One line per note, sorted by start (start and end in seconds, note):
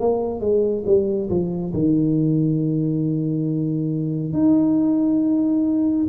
0.00 0.41 A#3
0.41 0.84 G#3
0.86 1.30 G3
1.30 1.74 F3
1.74 4.34 D#3
4.34 6.08 D#4